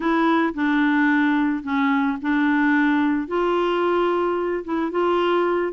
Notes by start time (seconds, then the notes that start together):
0.00 E4
0.54 D4
1.63 C#4
2.21 D4
3.27 F4
4.64 E4
4.91 F4